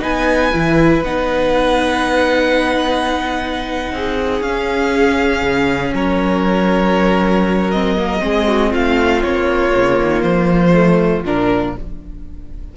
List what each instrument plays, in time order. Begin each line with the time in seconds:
0.00 cello B3, viola D#4, violin B4 G#5
0.53 cello E3, viola E4
1.03 cello B3, viola D#4, violin F#5
3.92 cello C4, violin G#4
4.41 cello C#4, viola C#4, violin F5
5.43 cello C#3
5.95 cello F#3, violin A#4 C#5
7.71 viola C4, violin D#5
7.97 viola A#3
8.20 cello G#3, viola C4, violin G#4
8.48 violin F#4
8.71 cello A3, violin F4 F5
9.22 cello A#3, violin C#5
9.71 cello C#3, viola A#3
10.02 cello D#3
10.22 cello F3, violin C5
10.73 viola A3
11.25 cello A#2, viola D4, violin A#4